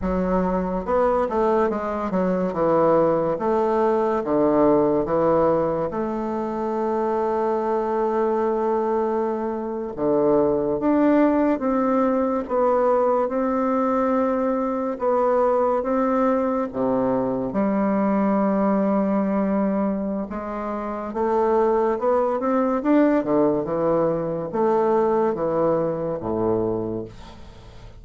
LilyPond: \new Staff \with { instrumentName = "bassoon" } { \time 4/4 \tempo 4 = 71 fis4 b8 a8 gis8 fis8 e4 | a4 d4 e4 a4~ | a2.~ a8. d16~ | d8. d'4 c'4 b4 c'16~ |
c'4.~ c'16 b4 c'4 c16~ | c8. g2.~ g16 | gis4 a4 b8 c'8 d'8 d8 | e4 a4 e4 a,4 | }